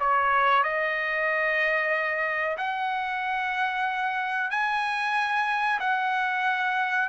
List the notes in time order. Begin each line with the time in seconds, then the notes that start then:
0.00 C#5
0.63 D#5
2.57 F#5
4.50 G#5
5.80 F#5